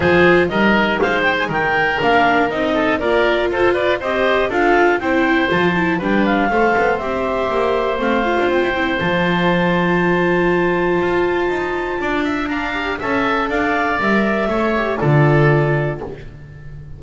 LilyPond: <<
  \new Staff \with { instrumentName = "clarinet" } { \time 4/4 \tempo 4 = 120 c''4 dis''4 f''8 g''16 gis''16 g''4 | f''4 dis''4 d''4 c''8 d''8 | dis''4 f''4 g''4 a''4 | g''8 f''4. e''2 |
f''4 g''4 a''2~ | a''1~ | a''4 ais''4 a''4 f''4 | e''2 d''2 | }
  \new Staff \with { instrumentName = "oboe" } { \time 4/4 gis'4 ais'4 c''4 ais'4~ | ais'4. a'8 ais'4 a'8 b'8 | c''4 a'4 c''2 | b'4 c''2.~ |
c''1~ | c''1 | d''8 e''8 f''4 e''4 d''4~ | d''4 cis''4 a'2 | }
  \new Staff \with { instrumentName = "viola" } { \time 4/4 f'4 dis'2. | d'4 dis'4 f'2 | g'4 f'4 e'4 f'8 e'8 | d'4 a'4 g'2 |
c'8 f'4 e'8 f'2~ | f'1~ | f'4 d'8 g'8 a'2 | ais'4 a'8 g'8 f'2 | }
  \new Staff \with { instrumentName = "double bass" } { \time 4/4 f4 g4 gis4 dis4 | ais4 c'4 ais4 f'4 | c'4 d'4 c'4 f4 | g4 a8 b8 c'4 ais4 |
a8. d'16 c'16 e'16 c'8 f2~ | f2 f'4 dis'4 | d'2 cis'4 d'4 | g4 a4 d2 | }
>>